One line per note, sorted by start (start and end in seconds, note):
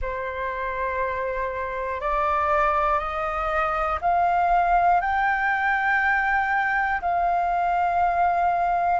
0.01 2.00 C5
2.00 2.99 D5
2.99 3.99 D#5
4.00 5.00 F5
5.00 7.00 G5
7.01 9.00 F5